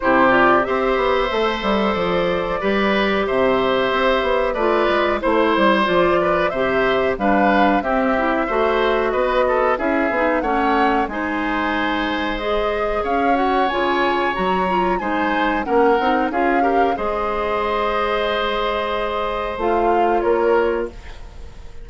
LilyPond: <<
  \new Staff \with { instrumentName = "flute" } { \time 4/4 \tempo 4 = 92 c''8 d''8 e''2 d''4~ | d''4 e''2 d''4 | c''4 d''4 e''4 f''4 | e''2 dis''4 e''4 |
fis''4 gis''2 dis''4 | f''8 fis''8 gis''4 ais''4 gis''4 | fis''4 f''4 dis''2~ | dis''2 f''4 cis''4 | }
  \new Staff \with { instrumentName = "oboe" } { \time 4/4 g'4 c''2. | b'4 c''2 b'4 | c''4. b'8 c''4 b'4 | g'4 c''4 b'8 a'8 gis'4 |
cis''4 c''2. | cis''2. c''4 | ais'4 gis'8 ais'8 c''2~ | c''2. ais'4 | }
  \new Staff \with { instrumentName = "clarinet" } { \time 4/4 e'8 f'8 g'4 a'2 | g'2. f'4 | e'4 f'4 g'4 d'4 | c'8 e'8 fis'2 e'8 dis'8 |
cis'4 dis'2 gis'4~ | gis'8 fis'8 f'4 fis'8 f'8 dis'4 | cis'8 dis'8 f'8 g'8 gis'2~ | gis'2 f'2 | }
  \new Staff \with { instrumentName = "bassoon" } { \time 4/4 c4 c'8 b8 a8 g8 f4 | g4 c4 c'8 b8 a8 gis8 | a8 g8 f4 c4 g4 | c'4 a4 b4 cis'8 b8 |
a4 gis2. | cis'4 cis4 fis4 gis4 | ais8 c'8 cis'4 gis2~ | gis2 a4 ais4 | }
>>